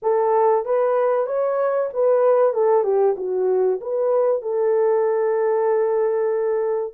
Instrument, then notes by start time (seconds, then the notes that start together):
horn
0.02 A4
0.65 B4
1.26 C#5
1.93 B4
2.53 A4
2.83 G4
3.16 F#4
3.81 B4
4.42 A4